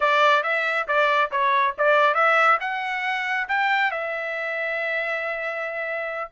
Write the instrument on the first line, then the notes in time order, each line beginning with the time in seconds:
trumpet
0.00 D5
0.43 E5
0.87 D5
1.31 C#5
1.78 D5
2.14 E5
2.60 F#5
3.48 G5
3.91 E5